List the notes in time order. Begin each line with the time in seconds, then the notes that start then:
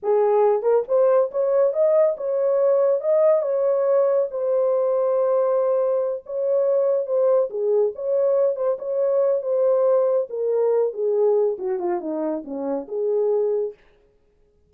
0.03 G#4
0.62 A#4
0.87 C5
1.31 C#5
1.73 D#5
2.17 C#5
3.00 D#5
3.42 C#5
4.30 C5
6.26 C#5
7.06 C5
7.50 G#4
7.95 C#5
8.56 C5
8.78 C#5
9.42 C5
10.29 A#4
10.93 G#4
11.58 F#4
11.79 F4
12.00 D#4
12.44 C#4
12.88 G#4